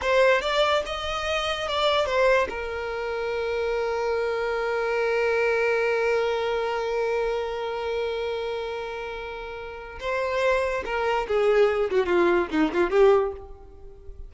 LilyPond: \new Staff \with { instrumentName = "violin" } { \time 4/4 \tempo 4 = 144 c''4 d''4 dis''2 | d''4 c''4 ais'2~ | ais'1~ | ais'1~ |
ais'1~ | ais'1 | c''2 ais'4 gis'4~ | gis'8 fis'8 f'4 dis'8 f'8 g'4 | }